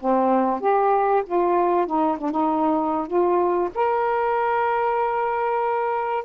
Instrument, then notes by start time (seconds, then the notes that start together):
saxophone
0.00 C4
0.61 G4
1.26 F4
1.87 D#4
2.18 D4
2.31 D#4
3.07 F4
3.75 A#4